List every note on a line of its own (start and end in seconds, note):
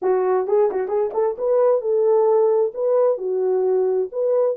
0.01 0.47 F#4
0.47 0.70 G#4
0.70 0.88 F#4
0.88 1.10 G#4
1.13 1.36 A4
1.37 1.81 B4
1.81 2.72 A4
2.74 3.17 B4
3.17 4.08 F#4
4.12 4.56 B4